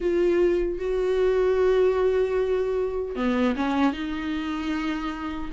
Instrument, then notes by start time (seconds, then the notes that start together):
viola
0.00 F4
0.78 F#4
3.15 B3
3.56 C#4
3.93 D#4